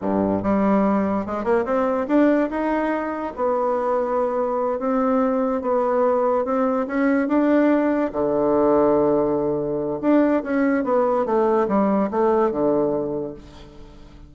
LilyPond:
\new Staff \with { instrumentName = "bassoon" } { \time 4/4 \tempo 4 = 144 g,4 g2 gis8 ais8 | c'4 d'4 dis'2 | b2.~ b8 c'8~ | c'4. b2 c'8~ |
c'8 cis'4 d'2 d8~ | d1 | d'4 cis'4 b4 a4 | g4 a4 d2 | }